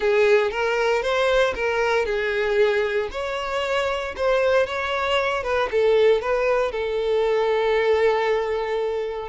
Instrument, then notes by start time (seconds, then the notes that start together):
violin
0.00 G#4
0.50 A#4
1.02 C5
1.54 A#4
2.05 G#4
3.11 C#5
4.16 C5
4.66 C#5
5.43 B4
5.71 A4
6.21 B4
6.71 A4